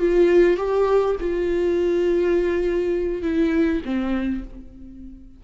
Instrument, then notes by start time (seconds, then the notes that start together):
viola
0.00 F4
0.57 G4
1.21 F4
3.23 E4
3.86 C4